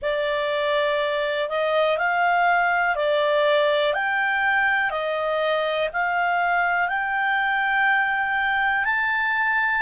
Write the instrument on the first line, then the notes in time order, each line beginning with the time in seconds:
clarinet
0.02 D5
1.49 D#5
1.97 F5
2.95 D5
3.93 G5
4.90 D#5
5.92 F5
6.88 G5
8.84 A5